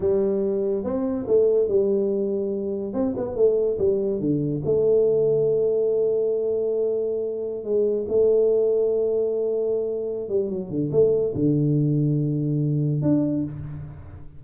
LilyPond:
\new Staff \with { instrumentName = "tuba" } { \time 4/4 \tempo 4 = 143 g2 c'4 a4 | g2. c'8 b8 | a4 g4 d4 a4~ | a1~ |
a2~ a16 gis4 a8.~ | a1~ | a8 g8 fis8 d8 a4 d4~ | d2. d'4 | }